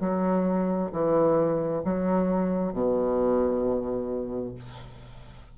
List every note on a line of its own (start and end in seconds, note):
0.00 0.91 F#3
0.92 1.83 E3
1.84 2.73 F#3
2.73 4.55 B2